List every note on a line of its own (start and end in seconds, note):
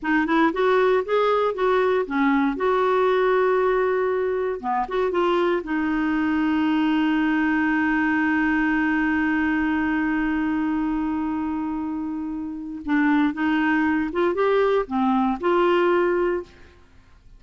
0.02 0.26 D#4
0.26 0.52 E4
0.52 1.03 F#4
1.05 1.54 G#4
1.54 2.05 F#4
2.06 2.56 C#4
2.56 4.60 F#4
4.60 4.86 B3
4.88 5.11 F#4
5.11 5.62 F4
5.63 12.81 D#4
12.85 13.33 D4
13.33 14.10 D#4
14.12 14.34 F4
14.34 14.85 G4
14.86 15.38 C4
15.40 16.43 F4